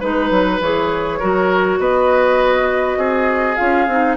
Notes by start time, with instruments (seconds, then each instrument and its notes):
0.00 bassoon G#3, clarinet D#4, oboe B4, flute B4
0.30 bassoon F#3
0.60 bassoon E3, clarinet G#4, flute C#5
1.19 bassoon F#3, clarinet F#4, oboe A#4
1.78 bassoon B3, oboe B4, flute D#5
2.97 bassoon C4, oboe G#4
3.56 bassoon C#4, clarinet F4, flute F5
3.87 bassoon C4, clarinet D#4